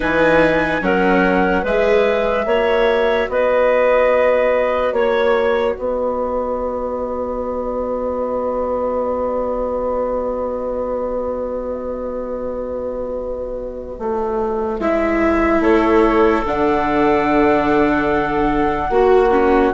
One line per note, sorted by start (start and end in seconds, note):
0.00 0.81 E3
0.00 0.81 D#4
0.00 0.82 B4
0.00 0.83 G#5
0.81 1.63 F#3
0.81 1.63 C#4
0.81 1.62 A#4
0.81 1.65 F#5
1.62 2.45 G#3
1.62 2.48 G#4
1.62 2.44 B4
1.62 3.29 E5
2.45 3.27 A#3
2.45 14.80 F#4
2.45 3.28 C#5
3.29 4.92 B3
3.29 4.94 B4
3.29 4.93 D#5
4.92 5.74 A#3
4.92 5.75 C#5
4.92 5.74 C#5
5.74 13.98 B3
5.74 15.61 B4
5.74 14.79 D#5
13.98 14.79 A3
14.79 15.60 G#3
14.79 16.45 E4
14.79 15.61 E5
15.60 16.42 A3
15.60 18.89 A4
15.60 16.44 C#5
16.45 18.89 D3
16.45 18.91 D4
16.45 19.73 F#5
18.89 19.71 A#3
18.89 19.31 F#4
18.89 19.73 F#4
19.31 19.72 C#4